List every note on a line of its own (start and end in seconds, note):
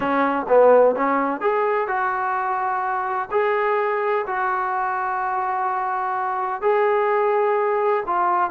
0.00 0.46 C#4
0.48 0.95 B3
0.95 1.40 C#4
1.40 1.87 G#4
1.87 3.29 F#4
3.31 4.25 G#4
4.26 6.61 F#4
6.61 8.03 G#4
8.06 8.50 F4